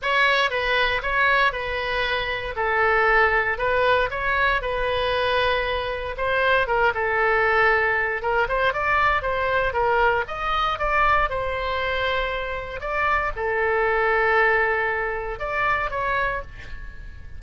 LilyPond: \new Staff \with { instrumentName = "oboe" } { \time 4/4 \tempo 4 = 117 cis''4 b'4 cis''4 b'4~ | b'4 a'2 b'4 | cis''4 b'2. | c''4 ais'8 a'2~ a'8 |
ais'8 c''8 d''4 c''4 ais'4 | dis''4 d''4 c''2~ | c''4 d''4 a'2~ | a'2 d''4 cis''4 | }